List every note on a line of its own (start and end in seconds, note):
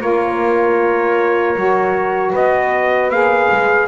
0.00 1.55 A#3
0.00 1.56 F4
0.00 2.31 A#4
0.00 2.35 C#5
1.55 2.33 F#3
1.55 3.12 F#4
2.31 3.09 B3
2.31 3.87 B4
2.31 3.10 D#5
3.09 3.48 A#3
3.09 3.88 G#4
3.09 3.88 F5
3.51 3.88 G#3